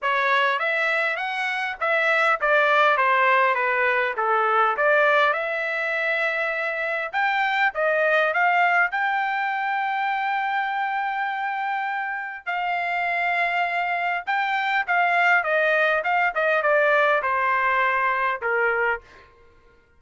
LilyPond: \new Staff \with { instrumentName = "trumpet" } { \time 4/4 \tempo 4 = 101 cis''4 e''4 fis''4 e''4 | d''4 c''4 b'4 a'4 | d''4 e''2. | g''4 dis''4 f''4 g''4~ |
g''1~ | g''4 f''2. | g''4 f''4 dis''4 f''8 dis''8 | d''4 c''2 ais'4 | }